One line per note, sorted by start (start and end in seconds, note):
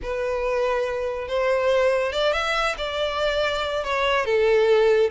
0.02 1.27 B4
1.27 2.12 C5
2.12 2.32 D5
2.32 2.75 E5
2.77 3.84 D5
3.84 4.25 C#5
4.25 5.10 A4